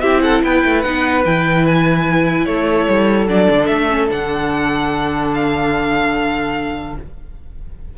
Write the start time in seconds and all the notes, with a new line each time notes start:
0.00 C4 E4 G4 E5
0.21 A4 F#5
0.43 B3 B4 G5
0.65 A3
0.81 B3 D#4 F#5
1.25 E3 E4 G5
1.66 G#5
2.45 A3 A4 C#5
2.88 G3
3.27 F#3 D4 D5
3.49 D3
3.66 A3 E5
3.89 C#4
4.08 D3 D4 F#5
5.34 F5